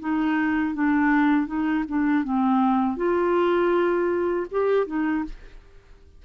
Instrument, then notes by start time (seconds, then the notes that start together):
clarinet
0.00 D#4
0.74 D4
1.47 D#4
1.88 D4
2.24 C4
2.97 F4
4.51 G4
4.87 D#4